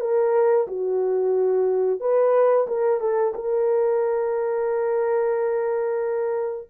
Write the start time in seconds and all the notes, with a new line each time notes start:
0.00 A#4
0.67 F#4
2.00 B4
2.67 A#4
3.00 A4
3.35 A#4